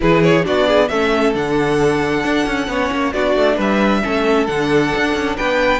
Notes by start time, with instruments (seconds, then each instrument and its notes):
0.00 cello E3, viola E4, violin G#4 B4
0.23 violin C#5
0.42 cello B3, viola D4, violin F#4 D5
0.66 violin G#4
0.88 cello A3, viola C#4, violin A4 E5
1.34 cello D3, viola D4, violin F#5
2.23 cello D4
2.46 cello C#4
2.67 cello B3, viola C#4, violin C#5
2.91 cello A#3
3.12 cello B3, viola D4, violin F#4 D5
3.35 cello A3
3.56 cello G3, violin B4 E5
4.02 cello A3, viola C#4, violin A4
4.46 cello D3, viola D4, violin F#5
4.96 cello D4
5.14 cello C#4
5.36 cello B3, violin B4 G5